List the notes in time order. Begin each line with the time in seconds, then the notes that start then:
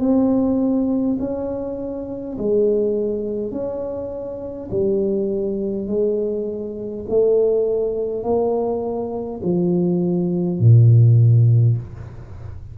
0.00 C4
1.20 C#4
2.39 G#3
3.52 C#4
4.72 G3
5.88 G#3
7.10 A3
8.24 A#3
9.43 F3
10.60 A#2